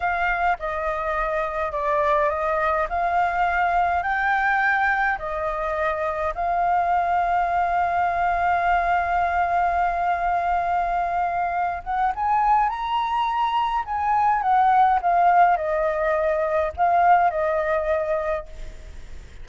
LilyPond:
\new Staff \with { instrumentName = "flute" } { \time 4/4 \tempo 4 = 104 f''4 dis''2 d''4 | dis''4 f''2 g''4~ | g''4 dis''2 f''4~ | f''1~ |
f''1~ | f''8 fis''8 gis''4 ais''2 | gis''4 fis''4 f''4 dis''4~ | dis''4 f''4 dis''2 | }